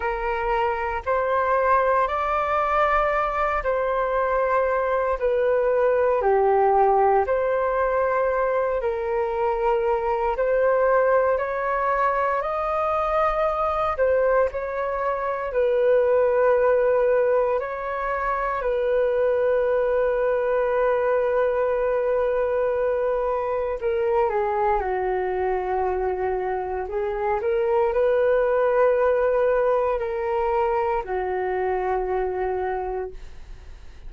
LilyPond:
\new Staff \with { instrumentName = "flute" } { \time 4/4 \tempo 4 = 58 ais'4 c''4 d''4. c''8~ | c''4 b'4 g'4 c''4~ | c''8 ais'4. c''4 cis''4 | dis''4. c''8 cis''4 b'4~ |
b'4 cis''4 b'2~ | b'2. ais'8 gis'8 | fis'2 gis'8 ais'8 b'4~ | b'4 ais'4 fis'2 | }